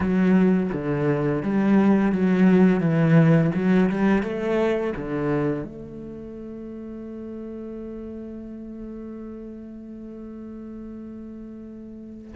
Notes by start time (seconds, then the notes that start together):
0.00 F#3
0.72 D3
1.42 G3
2.12 F#3
2.80 E3
3.55 F#3
3.89 G3
4.23 A3
4.96 D3
5.63 A3